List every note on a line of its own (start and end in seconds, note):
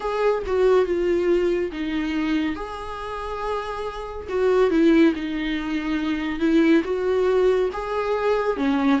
0.00 0.43 G#4
0.46 0.85 F#4
0.85 1.71 F4
1.71 2.55 D#4
2.55 4.27 G#4
4.29 4.70 F#4
4.70 5.13 E4
5.15 6.39 D#4
6.39 6.82 E4
6.84 7.69 F#4
7.73 8.56 G#4
8.56 8.99 C#4